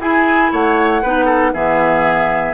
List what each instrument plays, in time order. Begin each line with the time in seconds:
0.00 bassoon E4, clarinet E4, oboe G#4, flute G#5
0.52 bassoon A3, oboe C#5, flute F#5
1.03 bassoon B3, clarinet D#4, oboe B4
1.25 oboe A4
1.54 bassoon E3, clarinet B3, oboe G#4, flute E5